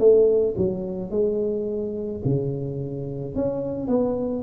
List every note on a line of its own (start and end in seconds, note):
0.00 0.56 A3
0.58 1.11 F#3
1.11 2.22 G#3
2.25 3.36 C#3
3.36 3.88 C#4
3.88 4.43 B3